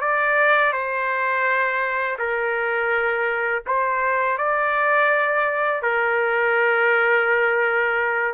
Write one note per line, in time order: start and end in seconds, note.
0.00 0.72 D5
0.72 2.17 C5
2.18 3.63 A#4
3.66 4.38 C5
4.38 5.82 D5
5.82 8.33 A#4